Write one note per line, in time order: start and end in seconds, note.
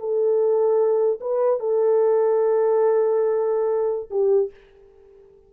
0.00 1.20 A4
1.21 1.60 B4
1.60 4.10 A4
4.11 4.51 G4